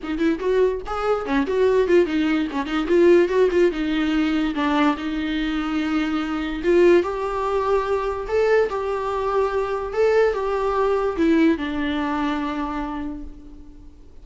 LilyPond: \new Staff \with { instrumentName = "viola" } { \time 4/4 \tempo 4 = 145 dis'8 e'8 fis'4 gis'4 cis'8 fis'8~ | fis'8 f'8 dis'4 cis'8 dis'8 f'4 | fis'8 f'8 dis'2 d'4 | dis'1 |
f'4 g'2. | a'4 g'2. | a'4 g'2 e'4 | d'1 | }